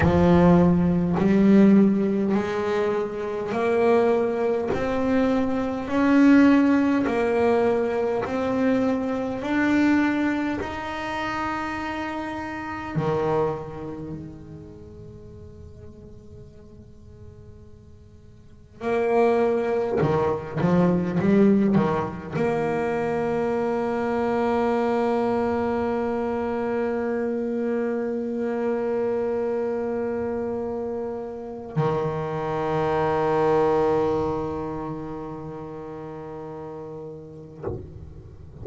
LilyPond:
\new Staff \with { instrumentName = "double bass" } { \time 4/4 \tempo 4 = 51 f4 g4 gis4 ais4 | c'4 cis'4 ais4 c'4 | d'4 dis'2 dis4 | gis1 |
ais4 dis8 f8 g8 dis8 ais4~ | ais1~ | ais2. dis4~ | dis1 | }